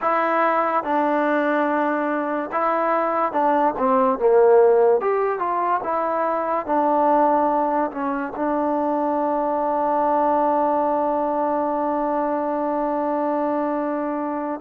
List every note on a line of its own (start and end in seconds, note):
0.01 0.83 E4
0.83 2.50 D4
2.52 3.32 E4
3.32 3.73 D4
3.78 4.18 C4
4.18 5.00 A#3
5.00 5.39 G4
5.39 5.81 F4
5.83 6.66 E4
6.66 7.91 D4
7.91 8.32 C#4
8.36 14.60 D4